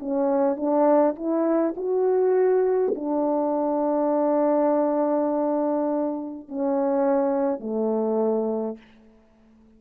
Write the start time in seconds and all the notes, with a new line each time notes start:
0.00 C#4
0.57 D4
1.16 E4
1.76 F#4
2.96 D4
6.49 C#4
7.60 A3